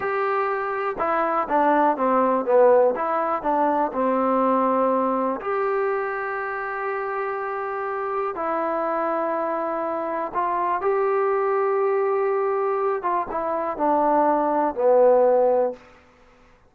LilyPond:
\new Staff \with { instrumentName = "trombone" } { \time 4/4 \tempo 4 = 122 g'2 e'4 d'4 | c'4 b4 e'4 d'4 | c'2. g'4~ | g'1~ |
g'4 e'2.~ | e'4 f'4 g'2~ | g'2~ g'8 f'8 e'4 | d'2 b2 | }